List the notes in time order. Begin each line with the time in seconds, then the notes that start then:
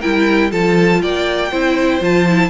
0.00 G3 E4 A#4 G5
0.51 F3 F4 A4 A5
1.02 A#3 D5 G5
1.51 C4 E4 C5
2.01 F3 F4 A5
2.28 E4